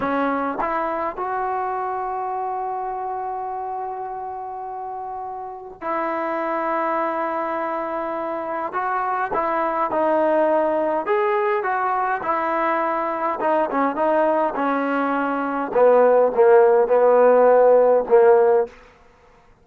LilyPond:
\new Staff \with { instrumentName = "trombone" } { \time 4/4 \tempo 4 = 103 cis'4 e'4 fis'2~ | fis'1~ | fis'2 e'2~ | e'2. fis'4 |
e'4 dis'2 gis'4 | fis'4 e'2 dis'8 cis'8 | dis'4 cis'2 b4 | ais4 b2 ais4 | }